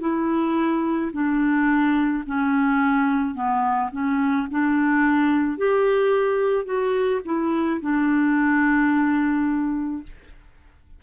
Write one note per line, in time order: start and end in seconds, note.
0.00 1.11 E4
1.13 2.24 D4
2.26 3.34 C#4
3.34 3.90 B3
3.92 4.47 C#4
4.51 5.58 D4
5.58 6.65 G4
6.65 7.21 F#4
7.25 7.81 E4
7.81 10.03 D4